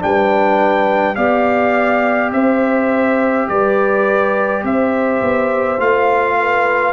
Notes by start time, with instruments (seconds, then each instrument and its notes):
0.00 tuba G3, trombone D4, horn B4, trumpet G5
1.16 tuba B3, trombone G4, horn D5, trumpet F5
2.32 tuba C4, horn C5, trumpet E5
3.49 tuba G3, horn B4, trumpet D5
4.64 tuba C4, horn C5, trumpet E5
5.22 tuba B3
5.79 tuba A3, trombone F4, trumpet F5
6.40 horn B4